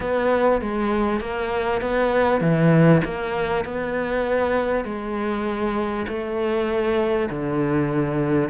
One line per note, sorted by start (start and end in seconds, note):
0.00 0.61 B3
0.61 1.20 G#3
1.20 1.81 A#3
1.81 2.40 B3
2.40 3.01 E3
3.04 3.64 A#3
3.64 4.85 B3
4.85 6.06 G#3
6.07 7.29 A3
7.29 8.49 D3